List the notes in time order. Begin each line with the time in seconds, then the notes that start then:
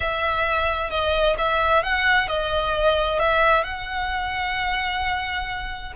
0.00 E5
0.90 D#5
1.38 E5
1.83 F#5
2.28 D#5
3.19 E5
3.63 F#5